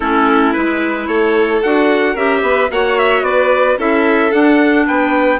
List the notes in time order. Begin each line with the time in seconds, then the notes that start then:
0.00 A3 C#4 E4 A4
0.53 G#3 E4 B4
1.07 A3 A4 C#5
1.62 D4 F#4 F#5
2.12 C#4 G4 A#4 E5
2.42 B3 B4
2.70 A#3 F#4 C#5 F#5
2.98 E5
3.22 B3 B4 D5
3.78 C#4 E4 A4 E5
4.30 D4 F#5
4.86 B3 B4 G5